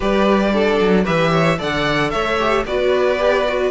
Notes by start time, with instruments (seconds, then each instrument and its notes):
0.00 cello G3, viola G4, violin B4 D5
0.52 viola D4, violin A4
0.80 cello F#3
1.04 cello E3, viola G4, violin B4 E5
1.31 violin C#5
1.58 cello D3, viola A4, violin D5 F#5
2.10 cello A3, violin C#5 E5
2.39 viola G4
2.64 cello B3, viola F#4, violin B4 D5
3.18 viola G4
3.48 viola F#4